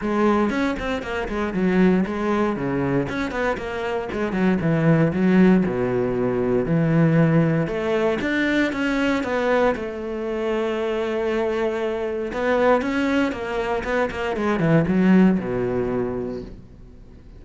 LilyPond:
\new Staff \with { instrumentName = "cello" } { \time 4/4 \tempo 4 = 117 gis4 cis'8 c'8 ais8 gis8 fis4 | gis4 cis4 cis'8 b8 ais4 | gis8 fis8 e4 fis4 b,4~ | b,4 e2 a4 |
d'4 cis'4 b4 a4~ | a1 | b4 cis'4 ais4 b8 ais8 | gis8 e8 fis4 b,2 | }